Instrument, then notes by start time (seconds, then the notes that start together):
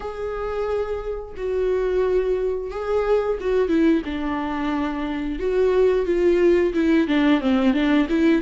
viola
0.00 G#4
1.36 F#4
2.70 G#4
3.40 F#4
3.68 E4
4.05 D4
5.39 F#4
6.05 F4
6.74 E4
7.07 D4
7.41 C4
7.73 D4
8.09 E4